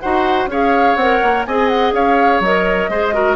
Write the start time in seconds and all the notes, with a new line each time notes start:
0.00 D#4 F#4 C5 F#5
0.47 C#4 G#4 C#5 F5
0.96 C4 A#4 F#5
1.22 A#3
1.46 C4 G#4 D#5 G#5
1.68 F#5
1.92 C#4 C#5 F5
2.40 F#3 A#4 D#5
2.89 G#3 G#4 C5
3.13 F#4 A#4